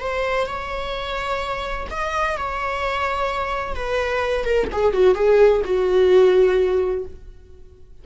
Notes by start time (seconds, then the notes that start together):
0.00 C5
0.46 C#5
1.90 D#5
2.37 C#5
3.75 B4
4.44 A#4
4.72 G#4
4.92 F#4
5.15 G#4
5.64 F#4